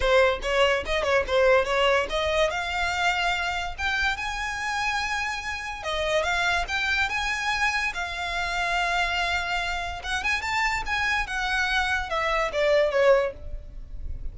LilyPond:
\new Staff \with { instrumentName = "violin" } { \time 4/4 \tempo 4 = 144 c''4 cis''4 dis''8 cis''8 c''4 | cis''4 dis''4 f''2~ | f''4 g''4 gis''2~ | gis''2 dis''4 f''4 |
g''4 gis''2 f''4~ | f''1 | fis''8 gis''8 a''4 gis''4 fis''4~ | fis''4 e''4 d''4 cis''4 | }